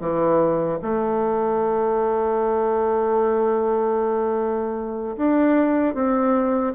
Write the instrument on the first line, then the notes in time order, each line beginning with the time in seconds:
bassoon
0.00 E3
0.82 A3
5.16 D4
5.94 C4